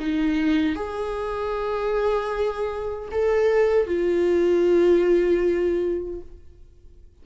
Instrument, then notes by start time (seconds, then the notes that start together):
viola
0.00 D#4
0.76 G#4
3.12 A4
3.87 F4